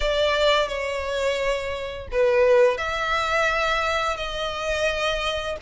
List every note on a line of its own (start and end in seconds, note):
0.00 0.68 D5
0.68 2.07 C#5
2.11 2.77 B4
2.77 4.16 E5
4.16 5.56 D#5